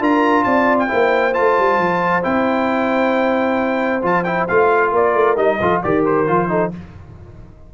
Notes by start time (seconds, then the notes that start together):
0.00 D4 F4 A#4 A#5
0.44 C4 D5 A5
0.79 G5
0.88 A#3 E4 C5
1.34 A3 F4 A5
1.59 G3
1.79 F3
2.23 C4 E4 G5
4.03 F3 F4 A5
4.24 E4 G5
4.48 A3 F4 F5
4.92 A#3 A#4 D5
5.15 A3
5.37 G3 D#4 D#5
5.60 F3 F4 A4
5.83 D#3 G4 A#4 D5
6.06 C5
6.27 F3 F4
6.49 D#4 A4